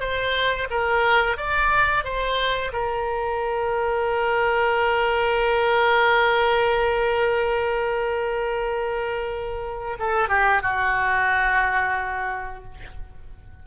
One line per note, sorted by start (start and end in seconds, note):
0.00 0.67 C5
0.70 1.37 A#4
1.37 2.04 D5
2.04 2.72 C5
2.72 9.97 A#4
9.99 10.29 A4
10.29 10.62 G4
10.62 12.64 F#4